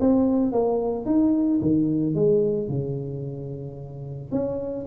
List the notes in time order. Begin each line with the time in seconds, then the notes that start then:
0.00 C4
0.52 A#3
1.06 D#4
1.61 D#3
2.15 G#3
2.68 C#3
4.32 C#4